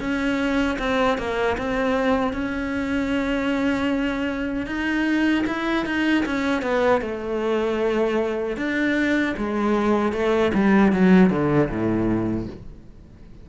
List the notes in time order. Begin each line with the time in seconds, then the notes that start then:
0.00 C#4
0.79 C4
1.18 A#3
1.58 C4
2.33 C#4
4.67 D#4
5.47 E4
5.86 D#4
6.26 C#4
6.62 B3
7.02 A3
8.57 D4
9.37 G#3
10.13 A3
10.54 G3
10.93 F#3
11.30 D3
11.69 A2